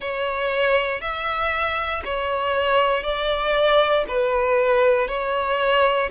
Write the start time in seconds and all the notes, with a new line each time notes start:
0.00 C#5
1.01 E5
2.04 C#5
3.03 D5
4.07 B4
5.08 C#5